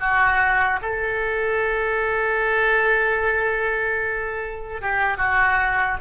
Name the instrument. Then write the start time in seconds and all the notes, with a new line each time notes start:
oboe
0.00 F#4
0.82 A4
4.81 G4
5.18 F#4